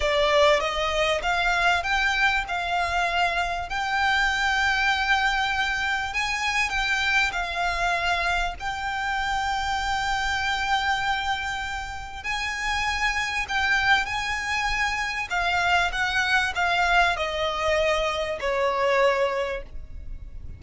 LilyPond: \new Staff \with { instrumentName = "violin" } { \time 4/4 \tempo 4 = 98 d''4 dis''4 f''4 g''4 | f''2 g''2~ | g''2 gis''4 g''4 | f''2 g''2~ |
g''1 | gis''2 g''4 gis''4~ | gis''4 f''4 fis''4 f''4 | dis''2 cis''2 | }